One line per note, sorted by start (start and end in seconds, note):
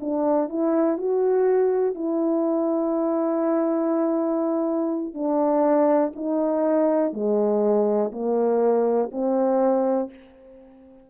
0.00 0.49 D4
0.49 0.97 E4
0.97 1.94 F#4
1.94 5.14 E4
5.14 6.12 D4
6.15 7.13 D#4
7.13 8.11 G#3
8.11 9.10 A#3
9.12 10.10 C4